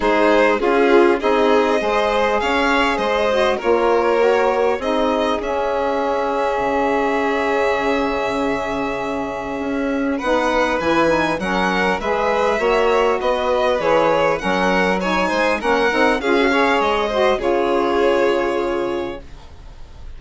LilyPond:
<<
  \new Staff \with { instrumentName = "violin" } { \time 4/4 \tempo 4 = 100 c''4 gis'4 dis''2 | f''4 dis''4 cis''2 | dis''4 e''2.~ | e''1~ |
e''4 fis''4 gis''4 fis''4 | e''2 dis''4 cis''4 | fis''4 gis''4 fis''4 f''4 | dis''4 cis''2. | }
  \new Staff \with { instrumentName = "violin" } { \time 4/4 gis'4 f'4 gis'4 c''4 | cis''4 c''4 ais'2 | gis'1~ | gis'1~ |
gis'4 b'2 ais'4 | b'4 cis''4 b'2 | ais'4 cis''8 c''8 ais'4 gis'8 cis''8~ | cis''8 c''8 gis'2. | }
  \new Staff \with { instrumentName = "saxophone" } { \time 4/4 dis'4 f'4 dis'4 gis'4~ | gis'4. fis'8 f'4 fis'4 | dis'4 cis'2.~ | cis'1~ |
cis'4 dis'4 e'8 dis'8 cis'4 | gis'4 fis'2 gis'4 | cis'4 dis'4 cis'8 dis'8 f'16 fis'16 gis'8~ | gis'8 fis'8 f'2. | }
  \new Staff \with { instrumentName = "bassoon" } { \time 4/4 gis4 cis'4 c'4 gis4 | cis'4 gis4 ais2 | c'4 cis'2 cis4~ | cis1 |
cis'4 b4 e4 fis4 | gis4 ais4 b4 e4 | fis4. gis8 ais8 c'8 cis'4 | gis4 cis2. | }
>>